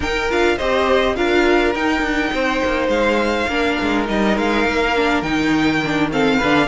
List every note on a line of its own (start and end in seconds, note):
0.00 0.27 D#4
0.00 0.29 D#4
0.00 0.56 A#4
0.00 0.31 G5
0.29 0.59 D4
0.29 0.58 F4
0.29 0.58 F5
0.57 1.17 C4
0.57 1.15 G4
0.57 1.15 C5
0.57 1.15 D#5
1.15 1.74 D4
1.15 1.73 F4
1.15 2.33 A#4
1.15 1.74 F5
1.74 2.01 D#4
1.74 3.49 D#4
1.74 2.89 G5
2.01 2.30 D4
2.33 2.62 C4
2.33 3.49 C5
2.64 2.88 A#3
2.88 3.46 G#3
2.88 4.06 F5
3.47 3.76 A#3
3.47 4.05 D4
3.47 6.11 A#4
3.81 4.09 G#3
4.05 4.37 G3
4.05 4.93 D#4
4.05 4.37 D#5
4.37 4.65 G#3
4.37 5.22 F5
4.65 5.22 A#3
4.96 5.24 D4
5.22 6.38 D#3
5.22 5.82 D#4
5.22 6.09 G5
5.84 6.11 D4
6.11 6.40 C4
6.11 6.37 A4
6.11 6.67 F5
6.37 6.67 D3
6.37 6.67 D4
6.37 6.66 B4